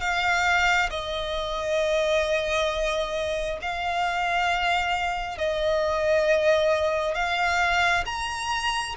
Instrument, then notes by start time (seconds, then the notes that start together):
violin
0.00 F5
0.90 D#5
3.61 F5
5.38 D#5
7.14 F5
8.05 A#5